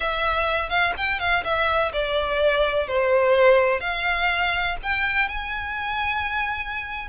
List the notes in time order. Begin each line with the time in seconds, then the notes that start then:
0.00 E5
0.69 F5
0.97 G5
1.19 F5
1.44 E5
1.92 D5
2.87 C5
3.80 F5
4.82 G5
5.28 G#5